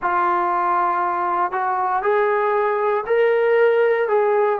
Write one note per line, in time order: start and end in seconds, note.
0.01 1.51 F4
1.51 2.02 F#4
2.02 3.04 G#4
3.06 4.08 A#4
4.08 4.59 G#4